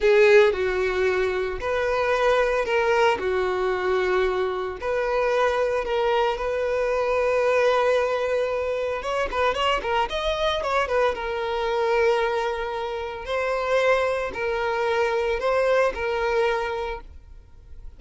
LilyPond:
\new Staff \with { instrumentName = "violin" } { \time 4/4 \tempo 4 = 113 gis'4 fis'2 b'4~ | b'4 ais'4 fis'2~ | fis'4 b'2 ais'4 | b'1~ |
b'4 cis''8 b'8 cis''8 ais'8 dis''4 | cis''8 b'8 ais'2.~ | ais'4 c''2 ais'4~ | ais'4 c''4 ais'2 | }